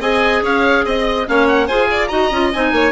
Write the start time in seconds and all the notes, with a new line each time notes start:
0.00 C4 G#4 D#5 G#5
0.41 C#4 C#5 F5
0.85 C4 D#5
1.25 A#3 C#4 C#5 F5
1.47 F#5
1.66 F4 G#4 C5 G#5
1.90 D5
2.07 D#4 F#4 D#5 A#5
2.31 C#4 F4
2.53 C4 D#4 G#5
2.72 A#3 C#5